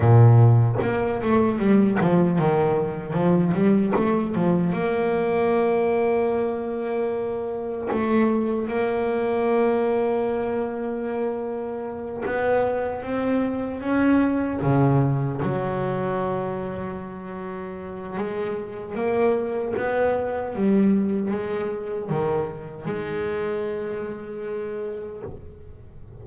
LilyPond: \new Staff \with { instrumentName = "double bass" } { \time 4/4 \tempo 4 = 76 ais,4 ais8 a8 g8 f8 dis4 | f8 g8 a8 f8 ais2~ | ais2 a4 ais4~ | ais2.~ ais8 b8~ |
b8 c'4 cis'4 cis4 fis8~ | fis2. gis4 | ais4 b4 g4 gis4 | dis4 gis2. | }